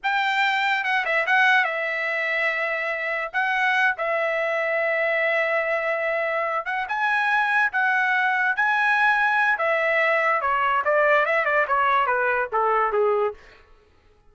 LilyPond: \new Staff \with { instrumentName = "trumpet" } { \time 4/4 \tempo 4 = 144 g''2 fis''8 e''8 fis''4 | e''1 | fis''4. e''2~ e''8~ | e''1 |
fis''8 gis''2 fis''4.~ | fis''8 gis''2~ gis''8 e''4~ | e''4 cis''4 d''4 e''8 d''8 | cis''4 b'4 a'4 gis'4 | }